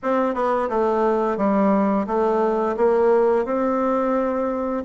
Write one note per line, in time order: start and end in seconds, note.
0.02 0.34 C4
0.34 0.69 B3
0.69 1.37 A3
1.37 2.06 G3
2.07 2.76 A3
2.76 3.45 A#3
3.45 4.83 C4